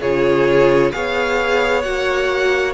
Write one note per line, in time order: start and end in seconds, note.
0.00 0.91 C#3
0.00 0.92 F4
0.00 0.91 G#4
0.00 0.91 C#5
0.91 1.85 B3
0.91 1.83 G#4
0.91 2.73 C#5
0.91 1.82 F5
1.82 2.73 A#3
1.82 2.73 F#4
1.82 2.73 F#5